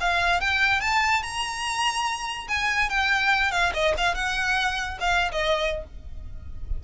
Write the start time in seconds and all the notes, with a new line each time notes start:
0.00 F5
0.40 G5
0.80 A5
1.22 A#5
2.48 G#5
2.89 G5
3.51 F5
3.74 D#5
3.97 F5
4.14 F#5
5.00 F5
5.31 D#5